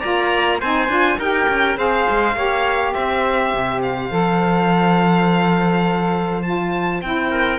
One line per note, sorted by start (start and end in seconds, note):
0.00 0.62 A#3
0.00 0.60 F4
0.00 0.58 D5
0.00 0.59 A#5
0.61 0.89 C4
0.61 0.89 D#4
0.61 1.19 C5
0.61 1.20 G#5
0.89 1.18 D4
0.89 1.18 F4
1.19 1.48 D#4
1.19 1.76 G4
1.19 1.78 A#4
1.19 1.78 G5
1.49 1.77 C#4
1.76 2.06 C4
1.76 2.34 G#4
1.76 2.36 C5
1.76 2.94 F5
2.10 2.35 G#3
2.35 2.94 A#3
2.35 4.11 G4
2.35 2.94 C#5
2.94 3.54 C4
2.94 7.30 C5
2.94 3.82 E5
3.54 4.12 C3
3.83 6.43 F5
4.11 7.02 F3
4.11 6.44 A4
6.43 7.02 F4
6.43 7.01 A5
7.02 7.59 C4
7.02 7.59 E4
7.02 7.59 G5
7.30 7.59 A#4